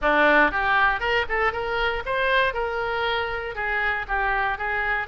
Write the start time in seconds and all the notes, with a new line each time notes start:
0.01 D4
0.51 G4
1.00 A#4
1.28 A4
1.52 A#4
2.05 C5
2.53 A#4
3.55 G#4
4.07 G4
4.58 G#4